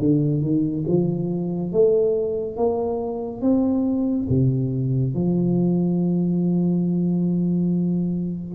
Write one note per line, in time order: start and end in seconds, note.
0.00 0.42 D3
0.42 0.85 D#3
0.88 1.73 F3
1.73 2.57 A3
2.57 3.42 A#3
3.42 4.27 C4
4.29 5.15 C3
5.15 8.55 F3